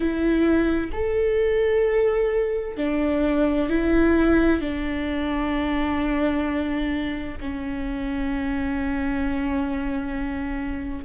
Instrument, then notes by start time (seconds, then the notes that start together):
viola
0.00 E4
0.92 A4
2.77 D4
3.69 E4
4.61 D4
7.40 C#4